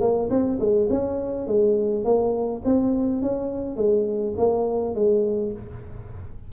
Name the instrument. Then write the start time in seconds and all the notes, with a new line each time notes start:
tuba
0.00 A#3
0.29 C4
0.59 G#3
0.89 C#4
1.47 G#3
2.04 A#3
2.65 C4
3.22 C#4
3.76 G#3
4.37 A#3
4.94 G#3